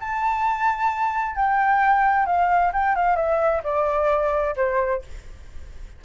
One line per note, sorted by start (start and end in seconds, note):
0.00 1.36 A5
1.36 2.26 G5
2.26 2.72 F5
2.73 2.96 G5
2.96 3.16 F5
3.16 3.62 E5
3.64 4.55 D5
4.56 5.02 C5